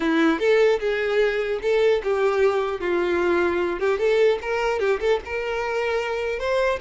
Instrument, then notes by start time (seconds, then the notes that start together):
violin
0.00 E4
0.39 A4
0.79 G#4
1.61 A4
2.03 G4
2.80 F4
3.79 G4
3.99 A4
4.41 A#4
4.79 G4
5.00 A4
5.25 A#4
6.39 C5